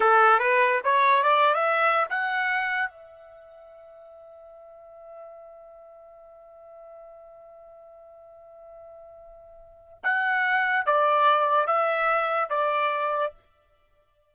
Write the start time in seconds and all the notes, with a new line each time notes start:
0.00 A4
0.39 B4
0.84 C#5
1.23 D5
1.54 E5
2.09 F#5
2.89 E5
10.03 F#5
10.86 D5
11.66 E5
12.49 D5